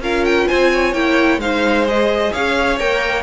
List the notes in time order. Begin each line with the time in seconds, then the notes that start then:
0.00 C#4 F4 A#4 F5
0.25 G5
0.48 C4 C5 G#5
0.73 C#5
0.92 A#3 E4 G5
1.37 G#3 D#4 C5 F5
1.87 G#4 D#5
2.32 C#4 C#5 F5
2.79 A#3 A#4 G5